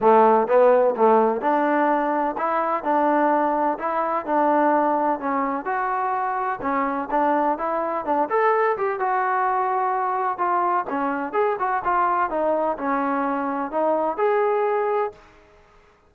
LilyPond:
\new Staff \with { instrumentName = "trombone" } { \time 4/4 \tempo 4 = 127 a4 b4 a4 d'4~ | d'4 e'4 d'2 | e'4 d'2 cis'4 | fis'2 cis'4 d'4 |
e'4 d'8 a'4 g'8 fis'4~ | fis'2 f'4 cis'4 | gis'8 fis'8 f'4 dis'4 cis'4~ | cis'4 dis'4 gis'2 | }